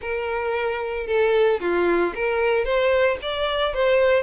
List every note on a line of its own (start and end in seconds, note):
0.01 1.06 A#4
1.06 1.60 A4
1.60 2.13 F4
2.15 2.64 A#4
2.64 3.17 C5
3.22 3.74 D5
3.74 4.22 C5